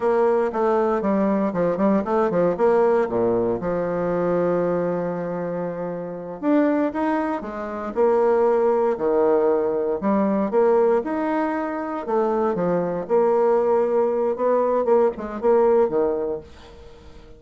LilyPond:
\new Staff \with { instrumentName = "bassoon" } { \time 4/4 \tempo 4 = 117 ais4 a4 g4 f8 g8 | a8 f8 ais4 ais,4 f4~ | f1~ | f8 d'4 dis'4 gis4 ais8~ |
ais4. dis2 g8~ | g8 ais4 dis'2 a8~ | a8 f4 ais2~ ais8 | b4 ais8 gis8 ais4 dis4 | }